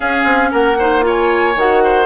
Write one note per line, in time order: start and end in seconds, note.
0.00 0.75 C#4
0.00 0.24 C#4
0.00 0.50 G#4
0.00 0.51 F5
0.24 0.50 C4
0.51 1.55 A#3
0.51 0.77 A#4
0.51 1.04 F#5
0.78 1.01 D#4
0.78 1.05 C5
1.01 1.53 F4
1.01 1.83 C#5
1.08 1.58 G#5
1.55 2.06 D#3
1.55 2.06 F#4
1.55 2.06 F#5
1.83 2.06 C5